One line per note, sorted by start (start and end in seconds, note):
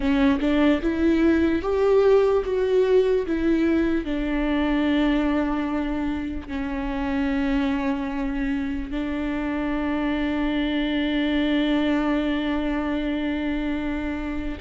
0.00 0.39 C#4
0.40 0.80 D4
0.81 1.62 E4
1.62 2.43 G4
2.45 3.26 F#4
3.26 4.05 E4
4.05 6.48 D4
6.48 8.90 C#4
8.90 14.58 D4